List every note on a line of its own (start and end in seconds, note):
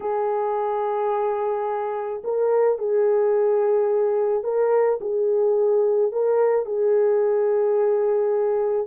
0.00 2.22 G#4
2.24 2.78 A#4
2.78 4.43 G#4
4.43 4.98 A#4
5.01 6.12 G#4
6.12 6.65 A#4
6.65 8.87 G#4